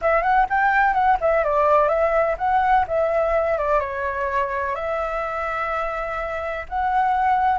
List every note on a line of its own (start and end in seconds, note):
0.01 0.22 E5
0.22 0.46 F#5
0.49 0.93 G5
0.93 1.17 F#5
1.20 1.44 E5
1.44 1.88 D5
1.88 2.36 E5
2.37 2.85 F#5
2.87 3.58 E5
3.58 3.80 D5
3.80 4.75 C#5
4.75 6.65 E5
6.68 7.58 F#5